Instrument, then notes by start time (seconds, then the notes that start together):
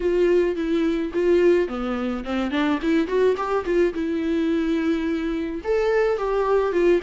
viola
0.00 F4
0.55 E4
1.13 F4
1.67 B3
2.24 C4
2.51 D4
2.82 E4
3.07 F#4
3.36 G4
3.65 F4
3.93 E4
5.64 A4
6.17 G4
6.72 F4